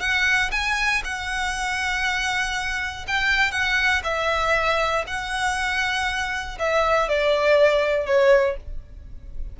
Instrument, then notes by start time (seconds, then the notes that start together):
violin
0.00 F#5
0.52 G#5
1.04 F#5
3.07 G5
3.51 F#5
4.04 E5
5.07 F#5
6.59 E5
7.08 D5
8.06 C#5